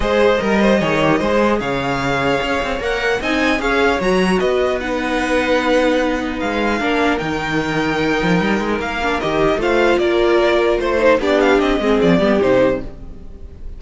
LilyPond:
<<
  \new Staff \with { instrumentName = "violin" } { \time 4/4 \tempo 4 = 150 dis''1 | f''2. fis''4 | gis''4 f''4 ais''4 dis''4 | fis''1 |
f''2 g''2~ | g''2 f''4 dis''4 | f''4 d''2 c''4 | d''8 f''8 dis''4 d''4 c''4 | }
  \new Staff \with { instrumentName = "violin" } { \time 4/4 c''4 ais'8 c''8 cis''4 c''4 | cis''1 | dis''4 cis''2 b'4~ | b'1~ |
b'4 ais'2.~ | ais'1 | c''4 ais'2 c''4 | g'4. gis'4 g'4. | }
  \new Staff \with { instrumentName = "viola" } { \time 4/4 gis'4 ais'4 gis'8 g'8 gis'4~ | gis'2. ais'4 | dis'4 gis'4 fis'2 | dis'1~ |
dis'4 d'4 dis'2~ | dis'2~ dis'8 d'8 g'4 | f'2.~ f'8 dis'8 | d'4. c'4 b8 dis'4 | }
  \new Staff \with { instrumentName = "cello" } { \time 4/4 gis4 g4 dis4 gis4 | cis2 cis'8 c'8 ais4 | c'4 cis'4 fis4 b4~ | b1 |
gis4 ais4 dis2~ | dis8 f8 g8 gis8 ais4 dis4 | a4 ais2 a4 | b4 c'8 gis8 f8 g8 c4 | }
>>